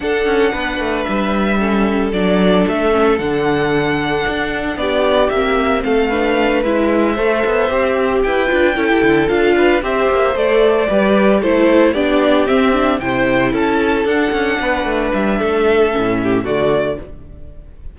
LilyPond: <<
  \new Staff \with { instrumentName = "violin" } { \time 4/4 \tempo 4 = 113 fis''2 e''2 | d''4 e''4 fis''2~ | fis''4 d''4 e''4 f''4~ | f''8 e''2. g''8~ |
g''4. f''4 e''4 d''8~ | d''4. c''4 d''4 e''8~ | e''8 g''4 a''4 fis''4.~ | fis''8 e''2~ e''8 d''4 | }
  \new Staff \with { instrumentName = "violin" } { \time 4/4 a'4 b'2 a'4~ | a'1~ | a'4 g'2 a'8 b'8~ | b'4. c''2 b'8~ |
b'8 a'4. b'8 c''4.~ | c''8 b'4 a'4 g'4.~ | g'8 c''4 a'2 b'8~ | b'4 a'4. g'8 fis'4 | }
  \new Staff \with { instrumentName = "viola" } { \time 4/4 d'2. cis'4 | d'4. cis'8 d'2~ | d'2 c'4. d'8~ | d'8 e'4 a'4 g'4. |
f'8 e'4 f'4 g'4 a'8~ | a'8 g'4 e'4 d'4 c'8 | d'8 e'2 d'4.~ | d'2 cis'4 a4 | }
  \new Staff \with { instrumentName = "cello" } { \time 4/4 d'8 cis'8 b8 a8 g2 | fis4 a4 d2 | d'4 b4 ais4 a4~ | a8 gis4 a8 b8 c'4 e'8 |
d'8 cis'16 g'16 d8 d'4 c'8 ais8 a8~ | a8 g4 a4 b4 c'8~ | c'8 c4 cis'4 d'8 cis'8 b8 | a8 g8 a4 a,4 d4 | }
>>